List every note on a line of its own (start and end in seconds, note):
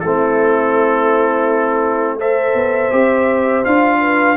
0.00 2.54 A3
0.00 2.20 C4
0.00 2.18 E4
0.00 2.17 A4
2.19 2.92 A4
2.19 4.00 C5
2.19 3.65 E5
2.54 2.90 B3
2.92 3.64 C4
2.92 3.64 G4
3.64 4.37 D4
3.64 4.36 F4
3.64 4.37 F5
4.01 4.37 B4